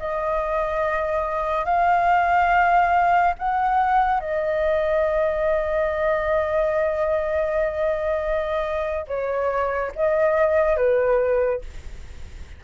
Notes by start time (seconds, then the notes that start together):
0.00 D#5
1.66 F5
3.39 F#5
4.21 D#5
9.08 C#5
9.96 D#5
10.77 B4